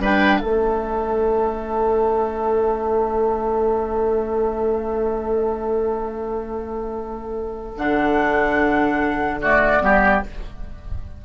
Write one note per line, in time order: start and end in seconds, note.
0.00 0.41 G3
0.00 0.42 D4
0.00 0.41 B4
0.00 0.39 G5
0.39 7.77 A3
0.39 7.77 C#4
0.39 9.39 A4
0.39 7.74 E5
7.77 9.81 D3
7.77 9.41 D4
7.77 9.41 F#5
9.42 9.81 A3
9.42 9.83 F#4
9.42 10.24 D5
9.81 10.23 G3
9.81 10.22 B3
9.81 10.25 G4